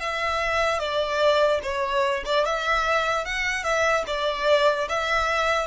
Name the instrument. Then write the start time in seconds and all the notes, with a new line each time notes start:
violin
0.00 E5
0.79 D5
1.63 C#5
2.25 D5
2.45 E5
3.25 F#5
3.64 E5
4.07 D5
4.89 E5